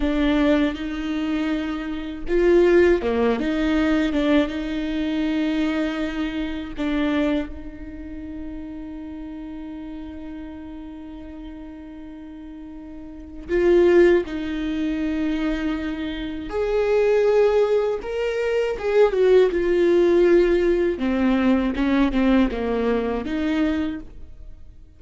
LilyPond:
\new Staff \with { instrumentName = "viola" } { \time 4/4 \tempo 4 = 80 d'4 dis'2 f'4 | ais8 dis'4 d'8 dis'2~ | dis'4 d'4 dis'2~ | dis'1~ |
dis'2 f'4 dis'4~ | dis'2 gis'2 | ais'4 gis'8 fis'8 f'2 | c'4 cis'8 c'8 ais4 dis'4 | }